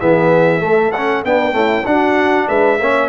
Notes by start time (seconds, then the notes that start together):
0.00 E3 B3 G#4 E5
0.60 A3 A4
0.92 C#4 F#5
1.24 B3 D4 G5
1.52 A3 C#4 E4
1.86 D4 F#4 F#5
2.48 G#3 B4 E5
2.80 A#3 C#4 C#5